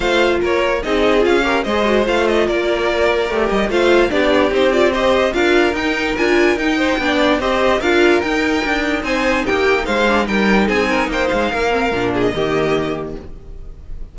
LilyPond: <<
  \new Staff \with { instrumentName = "violin" } { \time 4/4 \tempo 4 = 146 f''4 cis''4 dis''4 f''4 | dis''4 f''8 dis''8 d''2~ | d''8 dis''8 f''4 d''4 c''8 d''8 | dis''4 f''4 g''4 gis''4 |
g''2 dis''4 f''4 | g''2 gis''4 g''4 | f''4 g''4 gis''4 g''8 f''8~ | f''4.~ f''16 dis''2~ dis''16 | }
  \new Staff \with { instrumentName = "violin" } { \time 4/4 c''4 ais'4 gis'4. ais'8 | c''2 ais'2~ | ais'4 c''4 g'2 | c''4 ais'2.~ |
ais'8 c''8 d''4 c''4 ais'4~ | ais'2 c''4 g'4 | c''4 ais'4 gis'8 ais'8 c''4 | ais'4. gis'8 g'2 | }
  \new Staff \with { instrumentName = "viola" } { \time 4/4 f'2 dis'4 f'8 g'8 | gis'8 fis'8 f'2. | g'4 f'4 d'4 dis'8 f'8 | g'4 f'4 dis'4 f'4 |
dis'4 d'4 g'4 f'4 | dis'1~ | dis'8 d'8 dis'2.~ | dis'8 c'8 d'4 ais2 | }
  \new Staff \with { instrumentName = "cello" } { \time 4/4 a4 ais4 c'4 cis'4 | gis4 a4 ais2 | a8 g8 a4 b4 c'4~ | c'4 d'4 dis'4 d'4 |
dis'4 b4 c'4 d'4 | dis'4 d'4 c'4 ais4 | gis4 g4 c'4 ais8 gis8 | ais4 ais,4 dis2 | }
>>